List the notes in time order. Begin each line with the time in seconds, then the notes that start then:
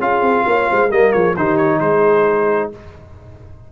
0.00 C#4 F4 G#4 F5
0.22 C4
0.46 A#3 C#5
0.70 G#3 C5
0.90 G3 A#3 A#4 D#5
1.12 F3 G#4 C#5
1.37 D#3 D#4 G4 C5
1.57 C#5
1.80 G#3 G#4 C5